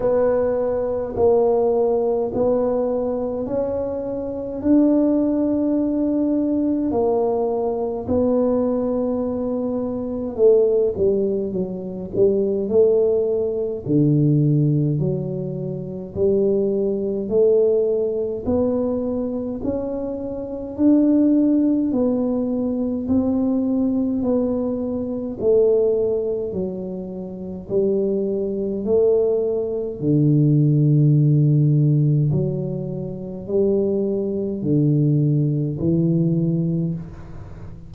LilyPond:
\new Staff \with { instrumentName = "tuba" } { \time 4/4 \tempo 4 = 52 b4 ais4 b4 cis'4 | d'2 ais4 b4~ | b4 a8 g8 fis8 g8 a4 | d4 fis4 g4 a4 |
b4 cis'4 d'4 b4 | c'4 b4 a4 fis4 | g4 a4 d2 | fis4 g4 d4 e4 | }